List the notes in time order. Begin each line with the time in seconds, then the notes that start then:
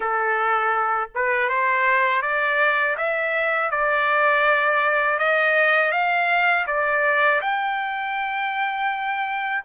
0.00 A4
1.14 B4
1.48 C5
2.22 D5
2.97 E5
3.70 D5
5.18 D#5
5.91 F5
6.66 D5
7.41 G5